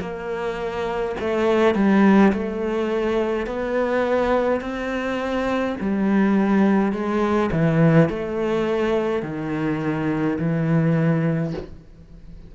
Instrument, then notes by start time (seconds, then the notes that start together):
cello
0.00 A#3
1.20 A3
1.74 G3
2.32 A3
3.46 B3
4.60 C4
5.80 G3
6.92 G#3
7.52 E3
8.09 A3
9.22 D#3
10.38 E3